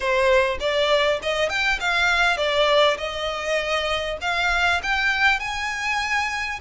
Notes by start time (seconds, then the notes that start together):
0.00 C5
0.60 D5
1.22 D#5
1.49 G5
1.79 F5
2.37 D5
2.97 D#5
4.21 F5
4.82 G5
5.39 G#5